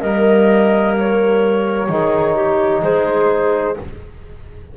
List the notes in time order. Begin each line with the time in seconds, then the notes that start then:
0.00 G3 A#3 A#4 D#5
0.99 C#5
1.89 D#3 D#4 G#4
2.35 G4
2.82 G#3 G#4 C5